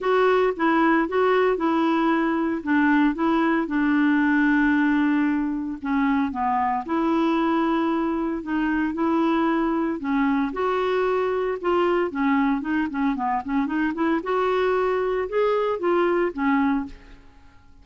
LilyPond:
\new Staff \with { instrumentName = "clarinet" } { \time 4/4 \tempo 4 = 114 fis'4 e'4 fis'4 e'4~ | e'4 d'4 e'4 d'4~ | d'2. cis'4 | b4 e'2. |
dis'4 e'2 cis'4 | fis'2 f'4 cis'4 | dis'8 cis'8 b8 cis'8 dis'8 e'8 fis'4~ | fis'4 gis'4 f'4 cis'4 | }